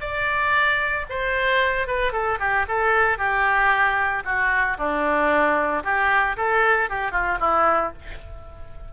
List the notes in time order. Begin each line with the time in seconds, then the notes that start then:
0.00 D5
1.09 C5
1.87 B4
2.12 A4
2.39 G4
2.68 A4
3.18 G4
4.24 F#4
4.78 D4
5.83 G4
6.37 A4
6.89 G4
7.11 F4
7.40 E4